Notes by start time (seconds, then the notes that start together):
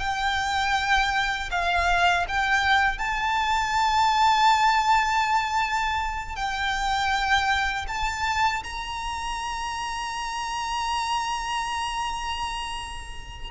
0.00 G5
1.51 F5
2.28 G5
2.98 A5
6.36 G5
7.88 A5
8.64 A#5